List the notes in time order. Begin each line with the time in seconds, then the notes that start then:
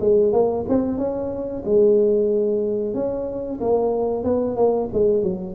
0.00 G#3
0.32 A#3
0.68 C4
0.98 C#4
1.65 G#3
2.94 C#4
3.60 A#3
4.23 B3
4.56 A#3
4.93 G#3
5.23 F#3